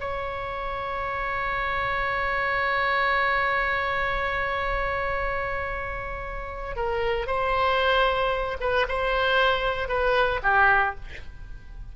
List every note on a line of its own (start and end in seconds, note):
0.00 6.76 C#5
6.76 7.27 A#4
7.27 8.57 C5
8.60 8.86 B4
8.88 9.88 C5
9.88 10.41 B4
10.43 10.95 G4